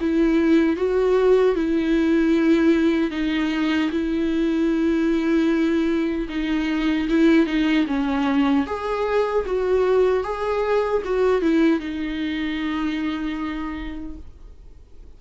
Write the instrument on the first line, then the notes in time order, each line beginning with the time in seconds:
viola
0.00 E4
0.76 F#4
1.55 E4
3.11 D#4
3.91 E4
6.29 D#4
7.09 E4
7.46 D#4
7.87 C#4
8.66 G#4
9.46 F#4
10.23 G#4
11.05 F#4
11.41 E4
11.79 D#4